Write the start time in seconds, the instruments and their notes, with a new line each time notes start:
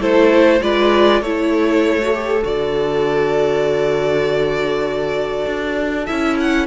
0.00 cello A3, viola E4, violin A4 C5
0.62 cello G#3, viola F4, violin B4 D5
1.21 cello A3, viola E4, violin A4 C#5
2.01 viola F#4
2.14 viola G4
2.43 cello D3, viola F#4, violin D5
5.46 cello D4
6.06 cello C#4, viola E4, violin E5
6.40 violin F#5